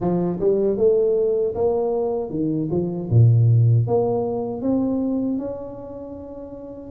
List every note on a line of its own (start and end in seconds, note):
0.00 0.39 F3
0.40 0.77 G3
0.77 1.54 A3
1.54 2.30 A#3
2.30 2.68 D#3
2.70 3.09 F3
3.10 3.87 A#2
3.87 4.61 A#3
4.61 5.38 C4
5.38 6.91 C#4